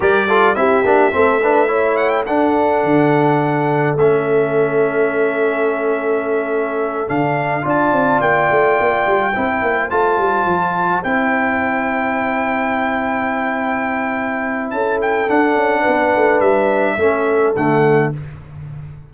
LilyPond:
<<
  \new Staff \with { instrumentName = "trumpet" } { \time 4/4 \tempo 4 = 106 d''4 e''2~ e''8 fis''16 g''16 | fis''2. e''4~ | e''1~ | e''8 f''4 a''4 g''4.~ |
g''4. a''2 g''8~ | g''1~ | g''2 a''8 g''8 fis''4~ | fis''4 e''2 fis''4 | }
  \new Staff \with { instrumentName = "horn" } { \time 4/4 ais'8 a'8 g'4 a'8 b'8 cis''4 | a'1~ | a'1~ | a'4. d''2~ d''8~ |
d''8 c''2.~ c''8~ | c''1~ | c''2 a'2 | b'2 a'2 | }
  \new Staff \with { instrumentName = "trombone" } { \time 4/4 g'8 f'8 e'8 d'8 c'8 d'8 e'4 | d'2. cis'4~ | cis'1~ | cis'8 d'4 f'2~ f'8~ |
f'8 e'4 f'2 e'8~ | e'1~ | e'2. d'4~ | d'2 cis'4 a4 | }
  \new Staff \with { instrumentName = "tuba" } { \time 4/4 g4 c'8 ais8 a2 | d'4 d2 a4~ | a1~ | a8 d4 d'8 c'8 ais8 a8 ais8 |
g8 c'8 ais8 a8 g8 f4 c'8~ | c'1~ | c'2 cis'4 d'8 cis'8 | b8 a8 g4 a4 d4 | }
>>